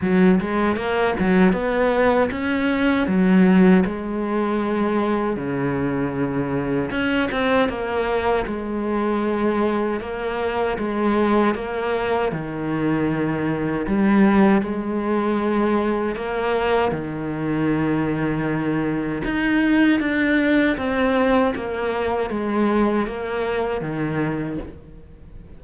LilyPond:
\new Staff \with { instrumentName = "cello" } { \time 4/4 \tempo 4 = 78 fis8 gis8 ais8 fis8 b4 cis'4 | fis4 gis2 cis4~ | cis4 cis'8 c'8 ais4 gis4~ | gis4 ais4 gis4 ais4 |
dis2 g4 gis4~ | gis4 ais4 dis2~ | dis4 dis'4 d'4 c'4 | ais4 gis4 ais4 dis4 | }